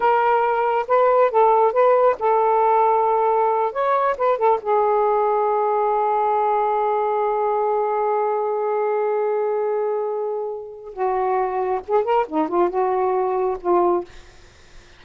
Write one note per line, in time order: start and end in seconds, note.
0.00 0.86 A#4
0.87 1.30 B4
1.30 1.72 A4
1.72 2.16 B4
2.19 3.72 A4
3.72 4.16 C#5
4.17 4.38 B4
4.38 4.59 A4
4.62 10.93 G#4
10.93 11.80 F#4
11.87 12.04 G#4
12.04 12.25 A#4
12.28 12.48 D#4
12.48 12.69 F4
12.69 13.57 F#4
13.60 14.04 F4